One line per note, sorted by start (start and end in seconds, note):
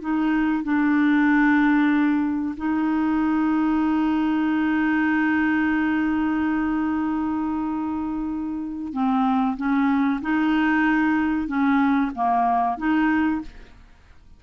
0.00 0.63 D#4
0.63 2.55 D4
2.56 8.92 D#4
8.92 9.56 C4
9.56 10.20 C#4
10.21 11.47 D#4
11.47 12.11 C#4
12.15 12.77 A#3
12.77 13.41 D#4